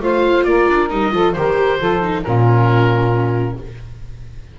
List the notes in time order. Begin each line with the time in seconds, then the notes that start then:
0.00 A3 F4 C5 F5
0.44 A#3 A#4 D5
0.69 D4
0.89 G3 D#4 D#5
1.11 F3 F4 A4
1.32 D#3 G4 A#4 C5
1.78 F3 F4 A4
2.02 D#4
2.23 A#2 C#4 F4 A#4